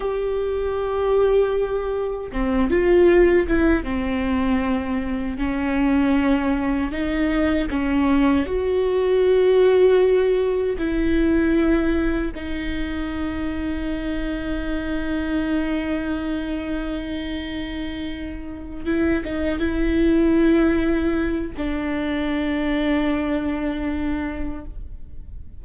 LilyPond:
\new Staff \with { instrumentName = "viola" } { \time 4/4 \tempo 4 = 78 g'2. c'8 f'8~ | f'8 e'8 c'2 cis'4~ | cis'4 dis'4 cis'4 fis'4~ | fis'2 e'2 |
dis'1~ | dis'1~ | dis'8 e'8 dis'8 e'2~ e'8 | d'1 | }